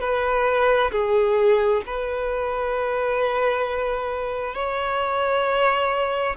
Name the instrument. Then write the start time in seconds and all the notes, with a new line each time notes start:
violin
0.00 B4
0.91 G#4
1.86 B4
4.55 C#5